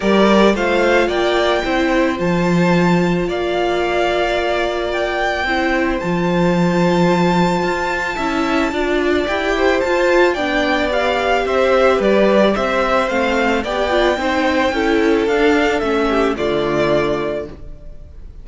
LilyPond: <<
  \new Staff \with { instrumentName = "violin" } { \time 4/4 \tempo 4 = 110 d''4 f''4 g''2 | a''2 f''2~ | f''4 g''2 a''4~ | a''1~ |
a''4 g''4 a''4 g''4 | f''4 e''4 d''4 e''4 | f''4 g''2. | f''4 e''4 d''2 | }
  \new Staff \with { instrumentName = "violin" } { \time 4/4 ais'4 c''4 d''4 c''4~ | c''2 d''2~ | d''2 c''2~ | c''2. e''4 |
d''4. c''4. d''4~ | d''4 c''4 b'4 c''4~ | c''4 d''4 c''4 a'4~ | a'4. g'8 f'2 | }
  \new Staff \with { instrumentName = "viola" } { \time 4/4 g'4 f'2 e'4 | f'1~ | f'2 e'4 f'4~ | f'2. e'4 |
f'4 g'4 f'4 d'4 | g'1 | c'4 g'8 f'8 dis'4 e'4 | d'4 cis'4 a2 | }
  \new Staff \with { instrumentName = "cello" } { \time 4/4 g4 a4 ais4 c'4 | f2 ais2~ | ais2 c'4 f4~ | f2 f'4 cis'4 |
d'4 e'4 f'4 b4~ | b4 c'4 g4 c'4 | a4 b4 c'4 cis'4 | d'4 a4 d2 | }
>>